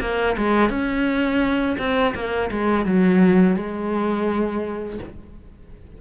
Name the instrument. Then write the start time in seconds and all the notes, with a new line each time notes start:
cello
0.00 A#3
0.37 G#3
0.69 C#4
1.78 C4
2.14 A#3
2.51 G#3
2.85 F#3
3.56 G#3